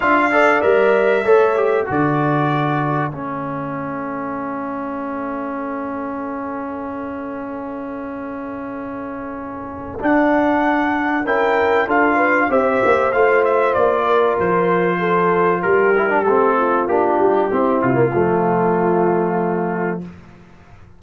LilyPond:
<<
  \new Staff \with { instrumentName = "trumpet" } { \time 4/4 \tempo 4 = 96 f''4 e''2 d''4~ | d''4 e''2.~ | e''1~ | e''1 |
fis''2 g''4 f''4 | e''4 f''8 e''8 d''4 c''4~ | c''4 ais'4 a'4 g'4~ | g'8 f'2.~ f'8 | }
  \new Staff \with { instrumentName = "horn" } { \time 4/4 e''8 d''4. cis''4 a'4~ | a'1~ | a'1~ | a'1~ |
a'2 ais'4 a'8 b'8 | c''2~ c''8 ais'4. | a'4 g'4. f'4. | e'4 f'2. | }
  \new Staff \with { instrumentName = "trombone" } { \time 4/4 f'8 a'8 ais'4 a'8 g'8 fis'4~ | fis'4 cis'2.~ | cis'1~ | cis'1 |
d'2 e'4 f'4 | g'4 f'2.~ | f'4. e'16 d'16 c'4 d'4 | c'8. ais16 a2. | }
  \new Staff \with { instrumentName = "tuba" } { \time 4/4 d'4 g4 a4 d4~ | d4 a2.~ | a1~ | a1 |
d'2 cis'4 d'4 | c'8 ais8 a4 ais4 f4~ | f4 g4 a4 ais8 g8 | c'8 c8 f2. | }
>>